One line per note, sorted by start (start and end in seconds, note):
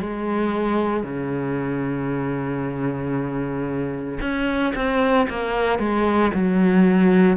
0.00 1.03 G#3
1.03 4.19 C#3
4.21 4.74 C#4
4.75 5.28 C4
5.30 5.79 A#3
5.79 6.32 G#3
6.34 7.37 F#3